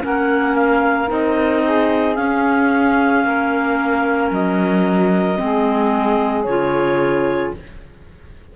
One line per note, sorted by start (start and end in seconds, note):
0.00 1.10 A#3
0.00 1.07 C#4
0.00 1.64 A#4
0.00 0.55 F#5
0.55 1.09 F5
1.07 2.17 C4
1.07 2.14 D#4
1.07 2.15 D#5
1.64 3.25 G#4
2.15 5.37 C#4
2.15 3.24 C#4
2.15 4.29 F5
3.24 4.30 A#3
3.24 5.39 A#4
4.30 5.37 F#3
4.30 6.43 D#5
5.37 6.46 G#3
5.37 6.44 C4
5.37 7.55 G#4
6.43 7.53 C#3
6.43 7.56 F4
6.43 7.50 C#5